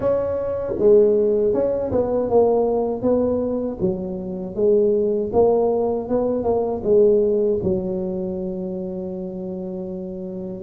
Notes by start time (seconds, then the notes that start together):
0.00 C#4
0.78 G#3
1.53 C#4
1.91 B3
2.29 A#3
3.01 B3
3.80 F#3
4.55 G#3
5.32 A#3
6.08 B3
6.43 A#3
6.84 G#3
7.63 F#3